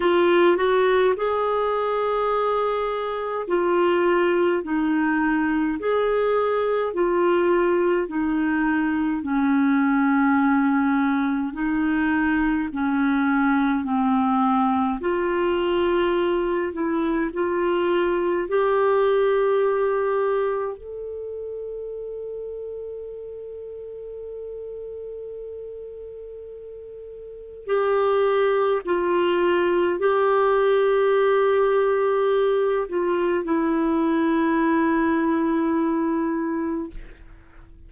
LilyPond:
\new Staff \with { instrumentName = "clarinet" } { \time 4/4 \tempo 4 = 52 f'8 fis'8 gis'2 f'4 | dis'4 gis'4 f'4 dis'4 | cis'2 dis'4 cis'4 | c'4 f'4. e'8 f'4 |
g'2 a'2~ | a'1 | g'4 f'4 g'2~ | g'8 f'8 e'2. | }